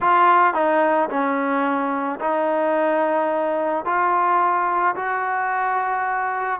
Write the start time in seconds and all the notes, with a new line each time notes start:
0.00 F4
0.54 D#4
1.09 C#4
2.20 D#4
3.85 F4
4.95 F#4